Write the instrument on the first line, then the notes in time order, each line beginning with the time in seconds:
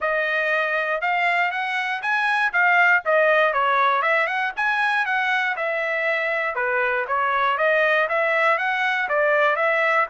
trumpet
0.00 D#5
1.01 F5
1.51 F#5
2.01 G#5
2.52 F5
3.05 D#5
3.53 C#5
4.02 E5
4.26 F#5
4.56 G#5
5.05 F#5
5.56 E5
6.55 B4
7.07 C#5
7.57 D#5
8.08 E5
8.58 F#5
9.08 D5
9.56 E5